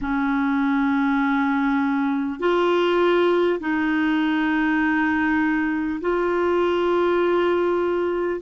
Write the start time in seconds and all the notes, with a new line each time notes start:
0.01 C#4
2.39 F4
3.60 D#4
6.00 F4